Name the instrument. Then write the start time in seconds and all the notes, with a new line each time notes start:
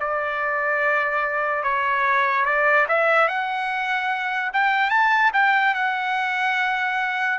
trumpet
0.00 D5
1.63 C#5
2.45 D5
2.88 E5
3.28 F#5
4.53 G5
4.90 A5
5.33 G5
5.75 F#5